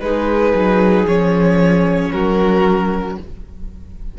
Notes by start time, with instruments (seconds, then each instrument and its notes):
0.00 cello G#3, viola D#4, violin G#4 B4
0.54 cello F#3
1.04 cello F3, viola C#4, violin C#5
2.12 cello F#3, violin F#4 A#4